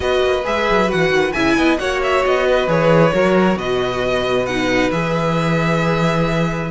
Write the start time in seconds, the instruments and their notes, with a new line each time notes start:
0.00 cello B3, viola F#4, violin B4 D#5
0.22 cello A#3
0.43 cello G#3, viola G#4, violin E5
0.69 cello F#3
0.88 cello E3, viola F#4, violin F#5
1.10 cello D#3
1.32 cello C#3, viola E4, violin E5 G#5
1.56 cello B3, violin D#5
1.78 cello A#3, viola F#4, violin C#5 F#5
2.03 violin E5
2.25 cello B3, violin D#5
2.46 violin B4
2.67 cello E3, viola G#4, violin C#5
3.12 cello F#3, viola F#4, violin A#4
3.55 cello B2, violin B4 D#5
4.46 viola D#4, violin F#5
4.91 cello E3, viola G#4, violin E5